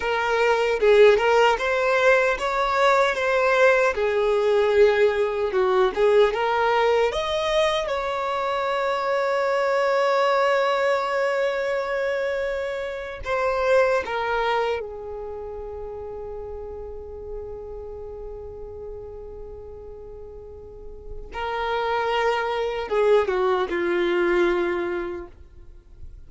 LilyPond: \new Staff \with { instrumentName = "violin" } { \time 4/4 \tempo 4 = 76 ais'4 gis'8 ais'8 c''4 cis''4 | c''4 gis'2 fis'8 gis'8 | ais'4 dis''4 cis''2~ | cis''1~ |
cis''8. c''4 ais'4 gis'4~ gis'16~ | gis'1~ | gis'2. ais'4~ | ais'4 gis'8 fis'8 f'2 | }